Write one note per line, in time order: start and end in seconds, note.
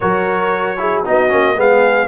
0.00 1.06 F#3
0.00 0.77 F#4
0.00 0.78 A#4
0.00 1.03 C#5
0.77 1.03 E4
0.77 1.05 G#4
1.05 1.32 B3
1.05 1.29 D#4
1.05 1.57 F#4
1.05 1.59 D#5
1.29 1.57 A#3
1.29 1.55 C#4
1.57 2.07 G#3
1.57 2.07 B3
1.57 2.07 G#4
1.57 2.07 F5